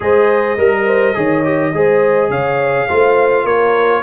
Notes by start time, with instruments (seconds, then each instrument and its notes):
0.00 tuba G#3, trombone G#4, horn C5, trumpet D#5
0.58 tuba G3, horn A#4, trombone A#4
0.86 horn C5
1.14 tuba D#3, trombone G#4, horn C#5
1.44 trombone G4
1.73 tuba G#3, trombone G#4, horn C5
2.29 tuba C#3, horn C#5, trumpet F5
2.87 tuba A3, trombone F4, horn C5
3.44 tuba A#3, horn A#4, trumpet C#5